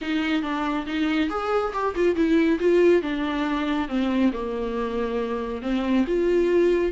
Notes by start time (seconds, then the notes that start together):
0.01 D#4
0.42 D4
0.86 D#4
1.29 G#4
1.73 G4
1.95 F4
2.15 E4
2.59 F4
3.02 D4
3.88 C4
4.32 A#3
5.62 C4
6.07 F4